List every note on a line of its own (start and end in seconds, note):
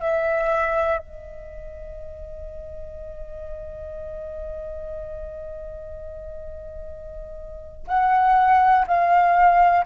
0.00 0.98 E5
0.98 7.86 D#5
7.87 8.85 F#5
8.87 9.85 F5